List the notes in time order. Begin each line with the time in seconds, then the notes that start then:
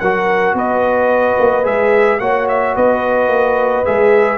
0.00 F#3 F#4 A#4 F#5
0.54 B3 B4 D#5
1.39 A#3
1.64 G#3 G#4 E5
2.20 A#3 F#4 C#5 F#5
2.48 E5
2.76 B3 B4 D#5
3.28 A#3
3.85 G#3 G#4 E5